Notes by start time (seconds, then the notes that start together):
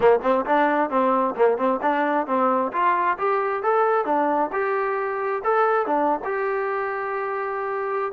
0.00 A#3
0.22 C4
0.45 D4
0.89 C4
1.36 A#3
1.57 C4
1.82 D4
2.27 C4
2.72 F4
3.18 G4
3.62 A4
4.05 D4
4.52 G4
5.44 A4
5.86 D4
6.24 G4